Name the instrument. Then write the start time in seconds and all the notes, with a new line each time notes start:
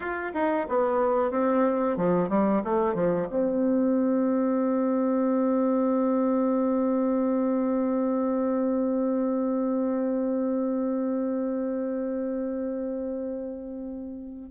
bassoon
0.00 F4
0.34 D#4
0.68 B3
1.30 C4
1.96 F3
2.29 G3
2.63 A3
2.94 F3
3.29 C4